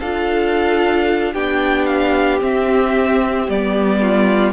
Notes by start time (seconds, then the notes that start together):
0.00 D4 F4 A4 F5
1.33 B3 D4 G4 G5
1.86 F5
2.40 C4 E5
3.48 G3 B3 D5
4.02 F4